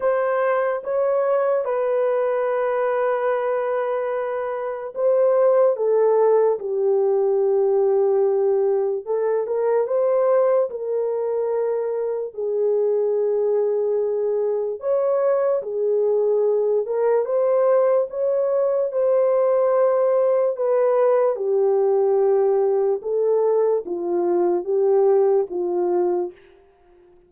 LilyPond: \new Staff \with { instrumentName = "horn" } { \time 4/4 \tempo 4 = 73 c''4 cis''4 b'2~ | b'2 c''4 a'4 | g'2. a'8 ais'8 | c''4 ais'2 gis'4~ |
gis'2 cis''4 gis'4~ | gis'8 ais'8 c''4 cis''4 c''4~ | c''4 b'4 g'2 | a'4 f'4 g'4 f'4 | }